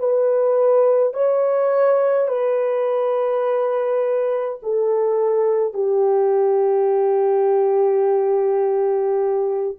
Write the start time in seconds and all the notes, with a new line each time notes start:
0.00 B4
1.14 C#5
2.29 B4
4.63 A4
5.74 G4